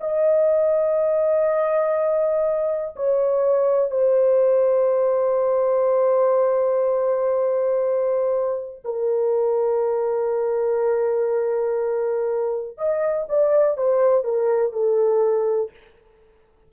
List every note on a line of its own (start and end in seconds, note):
0.00 2.95 D#5
2.96 3.90 C#5
3.90 8.82 C5
8.84 12.77 A#4
12.77 13.26 D#5
13.28 13.77 D5
13.77 14.24 C5
14.24 14.72 A#4
14.72 15.71 A4